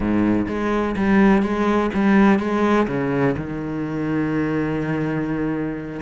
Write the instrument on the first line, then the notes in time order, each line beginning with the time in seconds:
cello
0.00 G#2
0.47 G#3
0.96 G3
1.42 G#3
1.94 G3
2.39 G#3
2.87 C#3
3.37 D#3